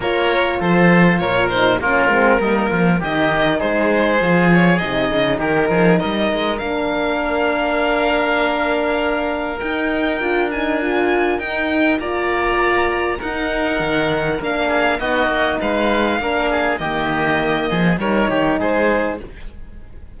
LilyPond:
<<
  \new Staff \with { instrumentName = "violin" } { \time 4/4 \tempo 4 = 100 cis''4 c''4 cis''8 c''8 ais'4~ | ais'4 dis''4 c''4. cis''8 | dis''4 ais'4 dis''4 f''4~ | f''1 |
g''4. gis''4. g''4 | ais''2 fis''2 | f''4 dis''4 f''2 | dis''2 cis''4 c''4 | }
  \new Staff \with { instrumentName = "oboe" } { \time 4/4 ais'4 a'4 ais'4 f'4 | dis'8 f'8 g'4 gis'2~ | gis'4 g'8 gis'8 ais'2~ | ais'1~ |
ais'1 | d''2 ais'2~ | ais'8 gis'8 fis'4 b'4 ais'8 gis'8 | g'4. gis'8 ais'8 g'8 gis'4 | }
  \new Staff \with { instrumentName = "horn" } { \time 4/4 f'2~ f'8 dis'8 cis'8 c'8 | ais4 dis'2 f'4 | dis'2. d'4~ | d'1 |
dis'4 f'8 dis'8 f'4 dis'4 | f'2 dis'2 | d'4 dis'2 d'4 | ais2 dis'2 | }
  \new Staff \with { instrumentName = "cello" } { \time 4/4 ais4 f4 ais,4 ais8 gis8 | g8 f8 dis4 gis4 f4 | c8 cis8 dis8 f8 g8 gis8 ais4~ | ais1 |
dis'4 d'2 dis'4 | ais2 dis'4 dis4 | ais4 b8 ais8 gis4 ais4 | dis4. f8 g8 dis8 gis4 | }
>>